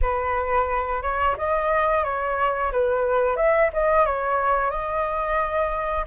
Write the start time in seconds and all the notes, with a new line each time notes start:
0.01 B4
1.02 C#5
1.37 D#5
2.04 C#5
2.72 B4
3.36 E5
3.73 D#5
4.05 C#5
4.70 D#5